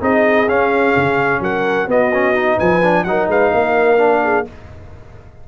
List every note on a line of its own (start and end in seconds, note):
0.00 0.47 C4
0.00 0.47 D#4
0.00 1.41 G#4
0.00 0.49 D#5
0.47 0.94 C#4
0.47 1.87 C#4
0.47 1.42 F5
0.96 1.40 C#3
1.40 1.87 F#3
1.40 1.88 A#4
1.40 1.90 F#5
1.87 2.57 B3
1.87 2.11 B3
1.87 2.57 F#4
1.87 2.59 D#5
2.13 2.34 C#4
2.34 2.81 D#4
2.57 3.04 F3
2.57 3.04 B4
2.57 3.03 G#5
2.82 3.06 D4
3.03 3.27 F#3
3.03 3.97 D#4
3.03 3.28 A#4
3.03 3.27 F#5
3.27 3.51 G#3
3.27 3.52 B4
3.27 4.48 F5
3.52 4.46 A#3
3.52 4.22 A#4
3.97 4.44 D4
4.23 4.46 G#4